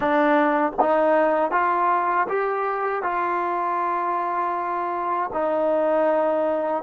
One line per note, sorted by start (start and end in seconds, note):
0.00 0.72 D4
0.79 1.51 D#4
1.51 2.27 F4
2.28 3.02 G4
3.02 5.30 F4
5.33 6.83 D#4